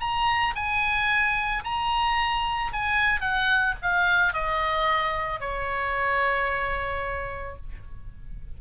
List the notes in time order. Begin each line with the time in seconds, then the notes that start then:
0.00 A#5
0.55 G#5
1.64 A#5
2.73 G#5
3.20 F#5
3.82 F5
4.33 D#5
5.40 C#5